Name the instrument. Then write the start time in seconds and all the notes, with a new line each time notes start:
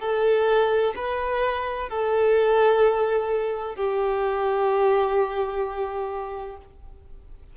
violin
0.00 A4
0.95 B4
1.89 A4
3.75 G4